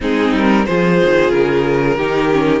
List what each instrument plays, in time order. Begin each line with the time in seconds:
0.00 cello G#3, viola C4, violin D#4 G#4
0.33 cello G3, violin A#4
0.65 cello F3, viola F4, violin G#4 C5
1.03 cello D#3
1.30 cello C#3, violin A#4
1.96 cello D#3, viola D#4, violin G4
2.32 viola C#4